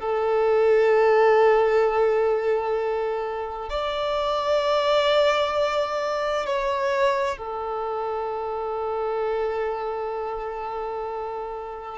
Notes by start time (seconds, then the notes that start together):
0.00 A4
3.69 D5
6.46 C#5
7.38 A4